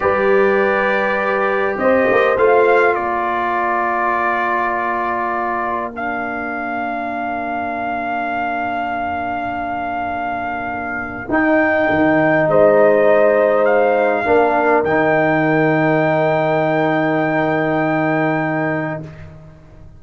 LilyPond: <<
  \new Staff \with { instrumentName = "trumpet" } { \time 4/4 \tempo 4 = 101 d''2. dis''4 | f''4 d''2.~ | d''2 f''2~ | f''1~ |
f''2. g''4~ | g''4 dis''2 f''4~ | f''4 g''2.~ | g''1 | }
  \new Staff \with { instrumentName = "horn" } { \time 4/4 b'2. c''4~ | c''4 ais'2.~ | ais'1~ | ais'1~ |
ais'1~ | ais'4 c''2. | ais'1~ | ais'1 | }
  \new Staff \with { instrumentName = "trombone" } { \time 4/4 g'1 | f'1~ | f'2 d'2~ | d'1~ |
d'2. dis'4~ | dis'1 | d'4 dis'2.~ | dis'1 | }
  \new Staff \with { instrumentName = "tuba" } { \time 4/4 g2. c'8 ais8 | a4 ais2.~ | ais1~ | ais1~ |
ais2. dis'4 | dis4 gis2. | ais4 dis2.~ | dis1 | }
>>